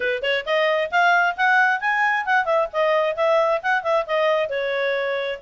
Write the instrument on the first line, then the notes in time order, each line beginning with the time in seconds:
clarinet
0.00 B4
0.22 C#5
0.45 D#5
0.91 F5
1.37 F#5
1.80 G#5
2.25 F#5
2.45 E5
2.72 D#5
3.16 E5
3.62 F#5
3.83 E5
4.06 D#5
4.49 C#5